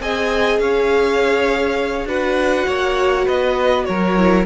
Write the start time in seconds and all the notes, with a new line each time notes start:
0.00 C4 G#4 D#5 G#5
0.59 C#4 C#5 F5
2.05 D4 F#4 B4 F#5
2.67 A#3 C#5
3.26 B3 B4 D#5
3.85 F#3 A#4 C#5
4.17 E4